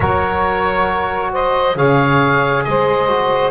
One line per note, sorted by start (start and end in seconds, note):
0.00 1.75 F#3
0.00 1.75 F#4
0.00 1.31 A#4
0.00 1.31 C#5
1.32 1.75 C5
1.32 1.77 D#5
1.75 2.63 C#3
1.75 3.07 G#4
1.75 2.63 C#5
1.75 2.63 F5
2.63 3.51 G#3
2.63 3.51 C5
2.63 3.51 D#5
3.07 3.51 F#4